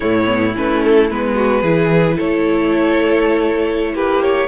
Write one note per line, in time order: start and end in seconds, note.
0.00 0.56 A2
0.00 0.24 A3
0.00 1.34 E4
0.00 0.54 C#5
0.26 0.53 B3
0.56 1.10 A3
0.56 1.10 C#4
0.56 0.83 B4
0.83 1.10 A4
1.10 1.62 G#3
1.10 1.65 B3
1.10 2.18 B4
1.34 1.60 F#4
1.60 2.17 E3
1.60 4.47 E4
1.60 2.15 G#4
2.15 3.95 A3
2.15 3.92 A4
2.15 3.95 C#5
3.94 4.47 A#3
3.94 4.47 G4
3.94 4.22 B4
4.22 4.47 C#5